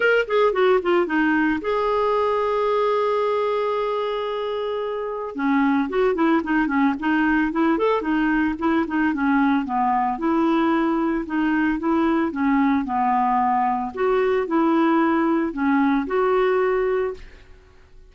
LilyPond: \new Staff \with { instrumentName = "clarinet" } { \time 4/4 \tempo 4 = 112 ais'8 gis'8 fis'8 f'8 dis'4 gis'4~ | gis'1~ | gis'2 cis'4 fis'8 e'8 | dis'8 cis'8 dis'4 e'8 a'8 dis'4 |
e'8 dis'8 cis'4 b4 e'4~ | e'4 dis'4 e'4 cis'4 | b2 fis'4 e'4~ | e'4 cis'4 fis'2 | }